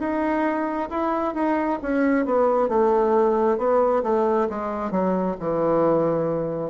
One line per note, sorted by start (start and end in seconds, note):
0.00 0.90 D#4
0.90 1.35 E4
1.35 1.80 D#4
1.83 2.26 C#4
2.26 2.69 B3
2.69 3.58 A3
3.58 4.03 B3
4.04 4.49 A3
4.50 4.92 G#3
4.92 5.36 F#3
5.40 6.71 E3